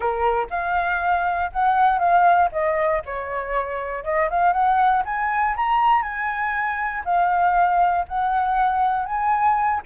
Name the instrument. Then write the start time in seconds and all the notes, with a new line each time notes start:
flute
0.00 A#4
0.50 F5
1.52 F#5
1.98 F5
2.51 D#5
3.05 C#5
4.04 D#5
4.29 F5
4.52 F#5
5.05 G#5
5.56 A#5
6.02 G#5
7.04 F5
8.08 F#5
9.05 G#5